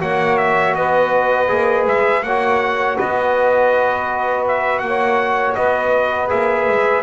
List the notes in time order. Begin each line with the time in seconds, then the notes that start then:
0.00 A#3 F#4 C#5 F#5
0.37 E5
0.75 B3 B4 D#5
1.48 A#3 G#4
1.86 G#3 E5
2.23 A#3 F#4 C#5 F#5
2.96 B3 B4 D#5
4.47 E5
4.79 A#3 F#5
4.86 C#5
5.54 B3 B4 D#5
6.28 A#3 G#4 E5
6.68 G#3